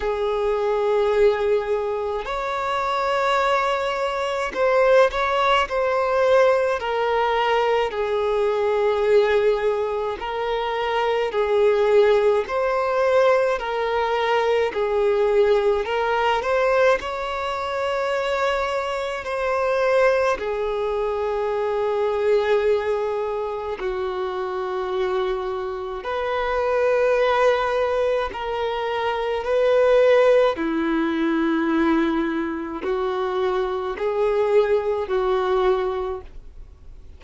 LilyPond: \new Staff \with { instrumentName = "violin" } { \time 4/4 \tempo 4 = 53 gis'2 cis''2 | c''8 cis''8 c''4 ais'4 gis'4~ | gis'4 ais'4 gis'4 c''4 | ais'4 gis'4 ais'8 c''8 cis''4~ |
cis''4 c''4 gis'2~ | gis'4 fis'2 b'4~ | b'4 ais'4 b'4 e'4~ | e'4 fis'4 gis'4 fis'4 | }